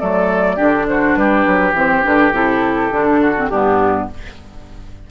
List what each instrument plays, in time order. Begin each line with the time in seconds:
0.00 bassoon F#3, clarinet A3, oboe A4, flute D5
0.56 bassoon D3, clarinet D4, oboe G4
0.88 oboe F#4, flute C5
1.15 bassoon G3, oboe G4, flute B4
1.46 bassoon F#3
1.74 bassoon E3, clarinet C4, flute C5
2.03 bassoon D3, clarinet D4, flute B4
2.32 bassoon C3, clarinet E4, flute A4
2.91 bassoon D3, clarinet D4
3.21 oboe F#4
3.36 clarinet C4
3.47 bassoon G2, clarinet B3, oboe D4, flute G4